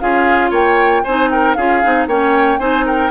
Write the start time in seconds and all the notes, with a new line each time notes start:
0.00 C#4 F4 G#4 F5
0.51 A#3 C#5 G5
1.04 C4 D#4 C5 G#5
1.31 A#4 G5
1.54 C#4 F4 G#4 F5
1.83 C4 D#4
2.07 A#3 C#4 C#5 G5
2.59 C4 D#4 C5 G#5
2.86 A#4 G5